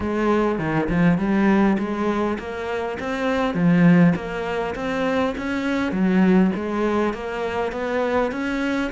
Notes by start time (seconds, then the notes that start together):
0.00 G#3
0.58 D#3
0.89 F3
1.17 G3
1.78 G#3
2.38 A#3
2.99 C4
3.54 F3
4.15 A#3
4.75 C4
5.37 C#4
5.92 F#3
6.55 G#3
7.13 A#3
7.72 B3
8.31 C#4